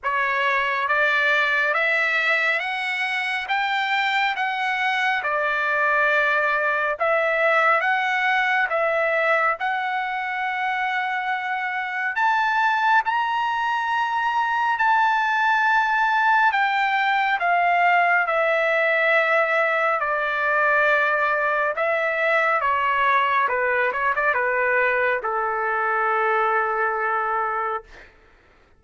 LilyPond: \new Staff \with { instrumentName = "trumpet" } { \time 4/4 \tempo 4 = 69 cis''4 d''4 e''4 fis''4 | g''4 fis''4 d''2 | e''4 fis''4 e''4 fis''4~ | fis''2 a''4 ais''4~ |
ais''4 a''2 g''4 | f''4 e''2 d''4~ | d''4 e''4 cis''4 b'8 cis''16 d''16 | b'4 a'2. | }